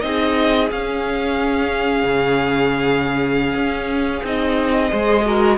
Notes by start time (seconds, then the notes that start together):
0.00 C4 D#4 G#4 D#5
0.70 C#4 F5
2.03 C#3
3.54 C#4
4.23 C4 D#4 D#5
4.89 G#3 G#4 C5
5.25 F#4 A#4